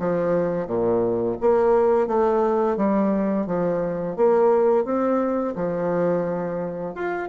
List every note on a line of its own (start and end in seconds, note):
0.00 0.68 F3
0.68 1.37 A#2
1.41 2.08 A#3
2.08 2.77 A3
2.77 3.47 G3
3.47 4.17 F3
4.17 4.85 A#3
4.85 5.55 C4
5.56 6.95 F3
6.95 7.29 F4